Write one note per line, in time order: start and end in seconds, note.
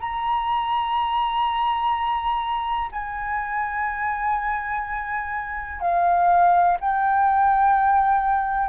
0.00 2.90 A#5
2.92 5.81 G#5
5.81 6.77 F5
6.80 8.69 G5